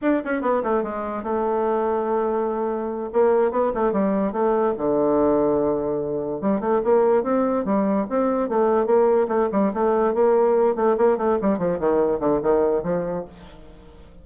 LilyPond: \new Staff \with { instrumentName = "bassoon" } { \time 4/4 \tempo 4 = 145 d'8 cis'8 b8 a8 gis4 a4~ | a2.~ a8 ais8~ | ais8 b8 a8 g4 a4 d8~ | d2.~ d8 g8 |
a8 ais4 c'4 g4 c'8~ | c'8 a4 ais4 a8 g8 a8~ | a8 ais4. a8 ais8 a8 g8 | f8 dis4 d8 dis4 f4 | }